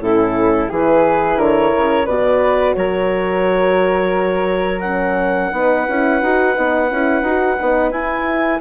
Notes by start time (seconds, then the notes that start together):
0.00 A2 C#4 E4 A4
0.69 E3 E4 G#4 B4
1.36 D3 A#4 C#5
1.76 C#3
2.06 B2 F#4 B4 D5
2.75 F#3 A#4 C#5
4.80 C#4 F#5
5.52 B3 D#4 B4
5.88 C#4 E4
6.22 D#4 F#4
6.55 B3 D#4
6.91 C#4 E4
7.22 D#4 F#4
7.59 B3 D#4
7.91 E4 G#5